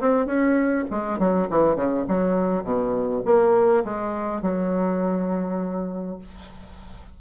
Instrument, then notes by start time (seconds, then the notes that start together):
bassoon
0.00 C4
0.26 C#4
0.91 G#3
1.19 F#3
1.50 E3
1.76 C#3
2.08 F#3
2.64 B2
3.25 A#3
3.84 G#3
4.42 F#3